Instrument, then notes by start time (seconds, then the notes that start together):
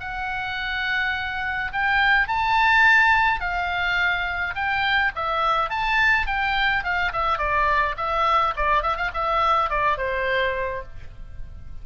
oboe
0.00 F#5
1.72 G5
2.28 A5
3.40 F5
4.55 G5
5.15 E5
5.70 A5
6.26 G5
6.83 F5
7.12 E5
7.38 D5
7.97 E5
8.56 D5
8.82 E5
8.96 F5
9.14 E5
9.69 D5
9.97 C5